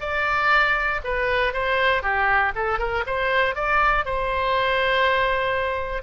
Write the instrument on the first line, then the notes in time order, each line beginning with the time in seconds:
oboe
0.00 D5
1.04 B4
1.53 C5
2.02 G4
2.55 A4
2.79 A#4
3.06 C5
3.55 D5
4.05 C5